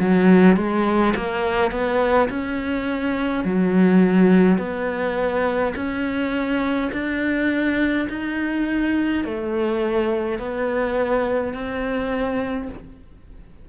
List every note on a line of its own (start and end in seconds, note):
0.00 0.57 F#3
0.57 1.15 G#3
1.16 1.72 A#3
1.72 2.29 B3
2.30 3.45 C#4
3.45 4.58 F#3
4.58 5.74 B3
5.76 6.91 C#4
6.93 8.08 D4
8.10 9.25 D#4
9.25 10.40 A3
10.40 11.54 B3
11.54 12.69 C4